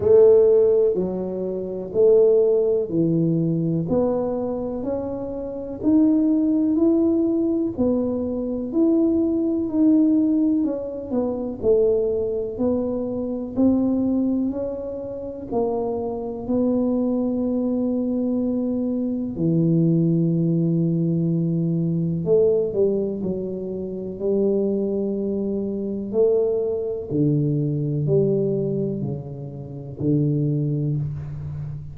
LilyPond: \new Staff \with { instrumentName = "tuba" } { \time 4/4 \tempo 4 = 62 a4 fis4 a4 e4 | b4 cis'4 dis'4 e'4 | b4 e'4 dis'4 cis'8 b8 | a4 b4 c'4 cis'4 |
ais4 b2. | e2. a8 g8 | fis4 g2 a4 | d4 g4 cis4 d4 | }